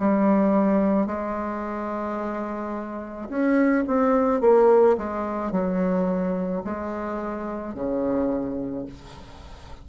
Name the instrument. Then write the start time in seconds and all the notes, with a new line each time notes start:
bassoon
0.00 G3
1.07 G#3
3.29 C#4
3.88 C4
4.41 A#3
4.98 G#3
5.52 F#3
6.65 G#3
7.75 C#3